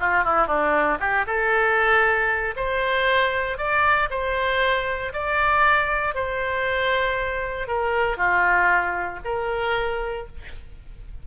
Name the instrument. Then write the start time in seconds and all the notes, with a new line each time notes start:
oboe
0.00 F4
0.24 E4
0.47 D4
1.00 G4
1.27 A4
2.57 C5
3.58 D5
4.10 C5
5.13 D5
6.15 C5
7.68 A#4
8.17 F4
9.25 A#4